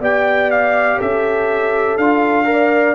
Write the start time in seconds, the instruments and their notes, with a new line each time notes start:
0.00 tuba B3, trombone G4, horn D5, trumpet G5
0.51 trumpet F5
0.97 tuba C#4, horn A4, trumpet E5
1.97 tuba D4, trombone F4, trumpet F5
2.45 trombone A#4
2.52 horn D5